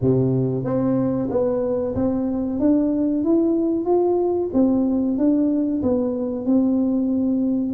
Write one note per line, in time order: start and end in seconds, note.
0.01 0.64 C3
0.64 1.28 C4
1.30 1.94 B3
1.95 2.59 C4
2.59 3.24 D4
3.24 3.85 E4
3.85 4.50 F4
4.53 5.17 C4
5.17 5.82 D4
5.82 6.45 B3
6.45 7.73 C4